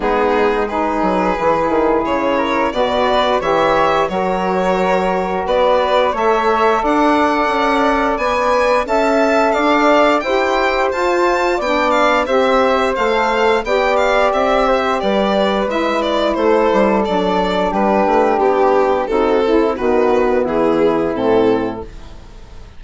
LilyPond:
<<
  \new Staff \with { instrumentName = "violin" } { \time 4/4 \tempo 4 = 88 gis'4 b'2 cis''4 | d''4 e''4 cis''2 | d''4 e''4 fis''2 | gis''4 a''4 f''4 g''4 |
a''4 g''8 f''8 e''4 f''4 | g''8 f''8 e''4 d''4 e''8 d''8 | c''4 d''4 b'4 g'4 | a'4 b'4 gis'4 a'4 | }
  \new Staff \with { instrumentName = "flute" } { \time 4/4 dis'4 gis'2~ gis'8 ais'8 | b'4 cis''4 ais'2 | b'4 cis''4 d''2~ | d''4 e''4 d''4 c''4~ |
c''4 d''4 c''2 | d''4. c''8 b'2 | a'2 g'2 | fis'8 e'8 fis'4 e'2 | }
  \new Staff \with { instrumentName = "saxophone" } { \time 4/4 b4 dis'4 e'2 | fis'4 g'4 fis'2~ | fis'4 a'2. | b'4 a'2 g'4 |
f'4 d'4 g'4 a'4 | g'2. e'4~ | e'4 d'2. | dis'8 e'8 b2 c'4 | }
  \new Staff \with { instrumentName = "bassoon" } { \time 4/4 gis4. fis8 e8 dis8 cis4 | b,4 e4 fis2 | b4 a4 d'4 cis'4 | b4 cis'4 d'4 e'4 |
f'4 b4 c'4 a4 | b4 c'4 g4 gis4 | a8 g8 fis4 g8 a8 b4 | c'4 dis4 e4 a,4 | }
>>